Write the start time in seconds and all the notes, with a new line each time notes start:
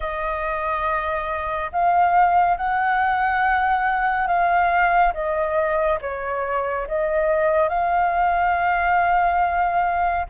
0.00 D#5
1.71 F5
2.57 F#5
4.27 F5
5.13 D#5
6.01 C#5
6.87 D#5
7.68 F5